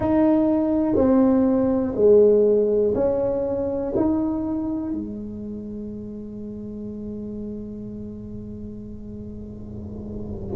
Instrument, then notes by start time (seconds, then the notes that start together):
tuba
0.00 D#4
0.95 C4
1.95 G#3
2.95 C#4
3.96 D#4
4.92 G#3